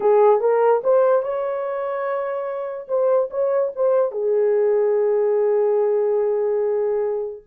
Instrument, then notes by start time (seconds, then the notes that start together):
horn
0.00 G#4
0.40 A#4
0.83 C5
1.22 C#5
2.88 C5
3.30 C#5
3.75 C5
4.11 G#4